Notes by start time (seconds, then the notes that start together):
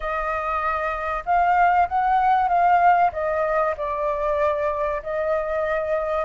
0.00 D#5
1.25 F5
1.88 F#5
2.48 F5
3.12 D#5
3.77 D5
5.03 D#5